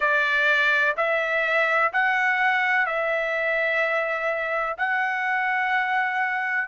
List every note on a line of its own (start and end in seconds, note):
0.00 0.95 D5
0.96 1.91 E5
1.93 2.86 F#5
2.86 4.76 E5
4.77 6.68 F#5